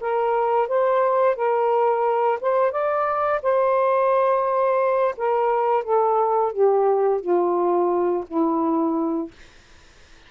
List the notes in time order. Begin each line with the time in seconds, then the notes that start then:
0.00 A#4
0.68 C5
1.36 A#4
2.41 C5
2.71 D5
3.42 C5
5.17 A#4
5.84 A4
6.52 G4
7.21 F4
8.27 E4